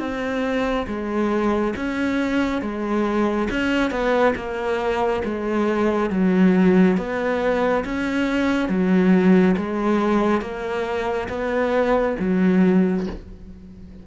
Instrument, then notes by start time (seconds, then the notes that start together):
cello
0.00 C4
0.88 G#3
1.76 C#4
2.62 G#3
3.51 C#4
3.91 B3
4.36 A#3
5.25 G#3
6.11 F#3
6.98 B3
7.85 C#4
8.69 F#3
9.58 G#3
10.42 A#3
11.30 B3
12.20 F#3